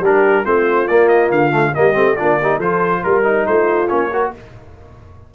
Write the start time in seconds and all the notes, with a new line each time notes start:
0.00 G3 D4 G4 A#4
0.44 A3 C4 F4 C5
0.88 A#3 D5
1.08 D#5
1.31 D3 F5
1.51 A3
1.74 G3 A#3 G4 D#5
1.93 A3 C4
2.16 A#3 D4 F4 D5
2.41 D#4 G4
2.57 F3 F4 A4 C5
3.04 G3 A#4
3.23 D#4
3.46 A3 F4 C5
3.87 A#3 C#4 C#5
4.12 F#4 A#4